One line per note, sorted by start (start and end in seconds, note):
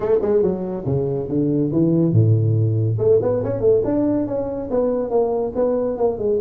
0.00 0.19 A3
0.21 0.42 G#3
0.42 0.85 F#3
0.85 1.28 C#3
1.28 1.70 D3
1.71 2.12 E3
2.12 2.97 A2
2.98 3.19 A3
3.22 3.43 B3
3.43 3.60 C#4
3.60 3.81 A3
3.84 4.27 D4
4.27 4.69 C#4
4.70 5.09 B3
5.09 5.52 A#3
5.55 5.97 B3
5.97 6.18 A#3
6.18 6.39 G#3